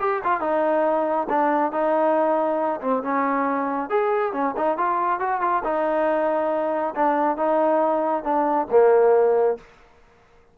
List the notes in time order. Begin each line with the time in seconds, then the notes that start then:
0.00 G4
0.24 F4
0.40 D#4
1.29 D4
1.72 D#4
2.81 C4
3.03 C#4
3.90 G#4
4.33 C#4
4.57 D#4
4.77 F4
5.20 F#4
5.41 F4
5.64 D#4
6.95 D4
7.37 D#4
8.23 D4
8.71 A#3